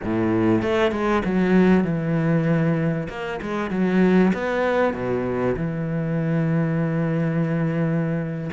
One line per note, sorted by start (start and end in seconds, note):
0.04 0.62 A2
0.62 0.91 A3
0.91 1.22 G#3
1.24 1.84 F#3
1.84 3.08 E3
3.09 3.40 A#3
3.41 3.70 G#3
3.70 4.32 F#3
4.33 4.93 B3
4.93 5.55 B2
5.56 8.50 E3